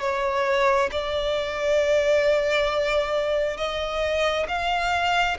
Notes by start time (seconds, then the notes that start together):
0.00 C#5
0.91 D5
3.57 D#5
4.48 F5